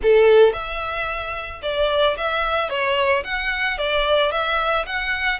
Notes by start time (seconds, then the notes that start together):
0.02 A4
0.53 E5
1.62 D5
2.17 E5
2.69 C#5
3.24 F#5
3.78 D5
4.31 E5
4.86 F#5